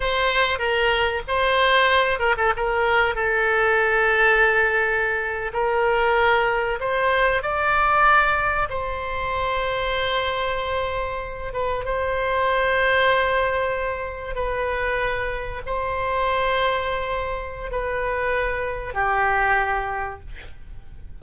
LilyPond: \new Staff \with { instrumentName = "oboe" } { \time 4/4 \tempo 4 = 95 c''4 ais'4 c''4. ais'16 a'16 | ais'4 a'2.~ | a'8. ais'2 c''4 d''16~ | d''4.~ d''16 c''2~ c''16~ |
c''2~ c''16 b'8 c''4~ c''16~ | c''2~ c''8. b'4~ b'16~ | b'8. c''2.~ c''16 | b'2 g'2 | }